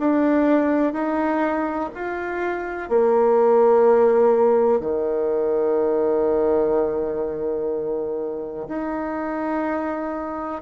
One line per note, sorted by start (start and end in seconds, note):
0.00 0.93 D4
0.93 1.90 D#4
1.95 2.89 F4
2.89 4.81 A#3
4.81 8.68 D#3
8.69 10.62 D#4